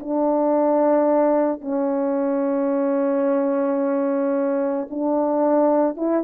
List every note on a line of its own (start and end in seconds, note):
0.00 1.61 D4
1.61 4.88 C#4
4.90 5.97 D4
5.97 6.24 E4